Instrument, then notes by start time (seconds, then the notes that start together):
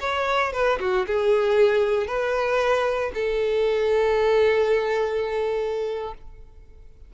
violin
0.00 C#5
0.53 B4
0.80 F#4
1.07 G#4
2.07 B4
3.14 A4